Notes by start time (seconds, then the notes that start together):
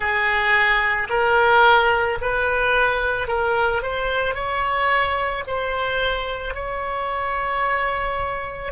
0.00 G#4
1.09 A#4
2.21 B4
3.27 A#4
3.82 C5
4.34 C#5
5.47 C5
6.54 C#5